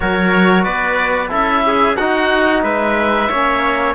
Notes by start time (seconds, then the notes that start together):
0.00 F#3 F#4 A#4 C#5
0.63 B3 B4 D5
1.28 C#4 E4 A4 E5
1.66 G#4
1.96 D#4 F#4 F#5
2.62 G#3 B4 E5
3.28 A#3 C#4 C#5